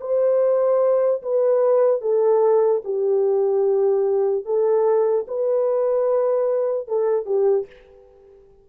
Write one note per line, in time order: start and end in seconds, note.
0.00 1.22 C5
1.22 2.01 B4
2.01 2.82 A4
2.84 4.45 G4
4.45 5.26 A4
5.27 6.88 B4
6.88 7.26 A4
7.26 7.66 G4